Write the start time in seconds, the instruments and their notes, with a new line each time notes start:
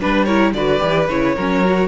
0.00 cello G3, viola D4, violin B4
0.25 viola E4, violin A#4 C#5
0.53 cello D3, viola F#4, violin B4 D5
0.79 cello E3, viola G4
1.08 cello C#3, viola E4, violin C#5
1.35 cello F#3, viola C#4, violin A#4
1.64 viola F#4